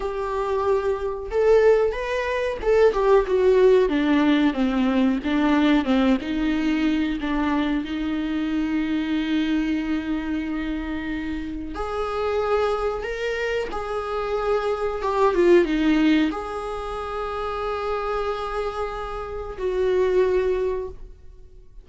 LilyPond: \new Staff \with { instrumentName = "viola" } { \time 4/4 \tempo 4 = 92 g'2 a'4 b'4 | a'8 g'8 fis'4 d'4 c'4 | d'4 c'8 dis'4. d'4 | dis'1~ |
dis'2 gis'2 | ais'4 gis'2 g'8 f'8 | dis'4 gis'2.~ | gis'2 fis'2 | }